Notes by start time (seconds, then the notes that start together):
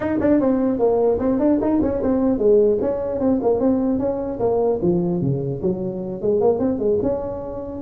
0.00 D#4
0.20 D4
0.40 C4
0.78 A#3
1.19 C4
1.39 D4
1.61 D#4
1.81 C#4
2.02 C4
2.38 G#3
2.81 C#4
3.20 C4
3.42 A#3
3.59 C4
3.98 C#4
4.39 A#3
4.82 F3
5.21 C#3
5.62 F#3
6.21 G#3
6.40 A#3
6.59 C4
6.78 G#3
7.02 C#4